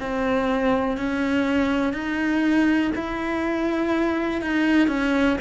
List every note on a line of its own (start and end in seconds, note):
0.00 0.97 C4
0.97 1.94 C#4
1.94 2.92 D#4
2.96 4.42 E4
4.42 4.88 D#4
4.88 5.37 C#4